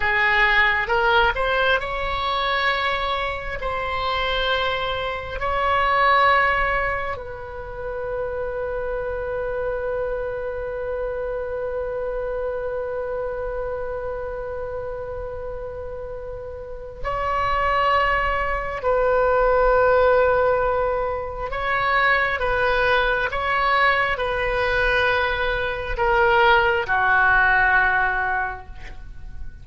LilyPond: \new Staff \with { instrumentName = "oboe" } { \time 4/4 \tempo 4 = 67 gis'4 ais'8 c''8 cis''2 | c''2 cis''2 | b'1~ | b'1~ |
b'2. cis''4~ | cis''4 b'2. | cis''4 b'4 cis''4 b'4~ | b'4 ais'4 fis'2 | }